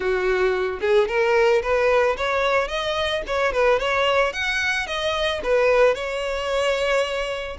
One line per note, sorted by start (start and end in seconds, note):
0.00 0.79 F#4
0.80 1.07 G#4
1.08 1.62 A#4
1.62 2.16 B4
2.17 2.68 C#5
2.68 3.22 D#5
3.26 3.52 C#5
3.52 3.79 B4
3.79 4.32 C#5
4.32 4.86 F#5
4.86 5.41 D#5
5.43 5.95 B4
5.95 7.57 C#5